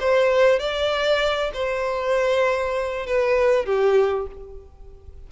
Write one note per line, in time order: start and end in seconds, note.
0.00 0.59 C5
0.59 1.51 D5
1.54 3.06 C5
3.06 3.66 B4
3.66 4.27 G4